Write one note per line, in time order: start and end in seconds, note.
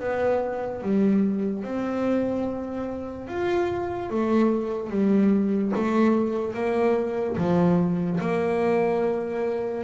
0.00 0.82 B3
0.82 1.64 G3
1.64 3.28 C4
3.28 4.10 F4
4.10 4.90 A3
4.90 5.72 G3
5.75 6.54 A3
6.54 7.36 A#3
7.37 8.20 F3
8.21 9.84 A#3